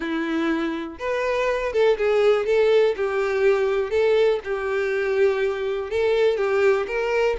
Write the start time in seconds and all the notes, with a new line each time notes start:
0.00 E4
0.98 B4
1.72 A4
1.97 G#4
2.45 A4
2.96 G4
3.90 A4
4.44 G4
5.90 A4
6.37 G4
6.87 A#4